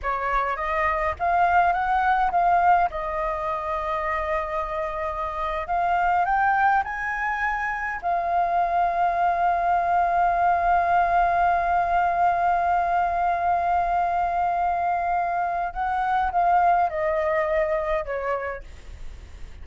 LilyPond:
\new Staff \with { instrumentName = "flute" } { \time 4/4 \tempo 4 = 103 cis''4 dis''4 f''4 fis''4 | f''4 dis''2.~ | dis''4.~ dis''16 f''4 g''4 gis''16~ | gis''4.~ gis''16 f''2~ f''16~ |
f''1~ | f''1~ | f''2. fis''4 | f''4 dis''2 cis''4 | }